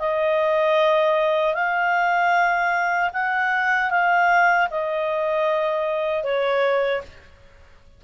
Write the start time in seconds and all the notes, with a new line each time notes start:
0.00 D#5
1.55 F5
3.13 F#5
3.91 F5
4.71 D#5
6.24 C#5